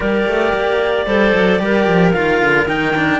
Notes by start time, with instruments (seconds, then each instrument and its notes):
0.00 cello G3 G4, clarinet A#4 D5
0.26 cello A3
0.53 cello A#3
1.06 cello G3 A4, clarinet C5
1.34 cello F#3
1.59 cello G3 G4, clarinet A#4
1.87 cello F3
2.11 cello D#3 F4, clarinet F5
2.41 cello D3
2.67 cello D#3 D#4, clarinet G5
2.96 cello D4